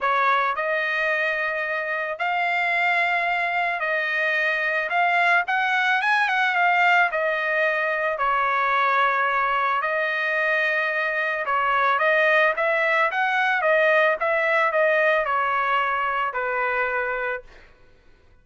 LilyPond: \new Staff \with { instrumentName = "trumpet" } { \time 4/4 \tempo 4 = 110 cis''4 dis''2. | f''2. dis''4~ | dis''4 f''4 fis''4 gis''8 fis''8 | f''4 dis''2 cis''4~ |
cis''2 dis''2~ | dis''4 cis''4 dis''4 e''4 | fis''4 dis''4 e''4 dis''4 | cis''2 b'2 | }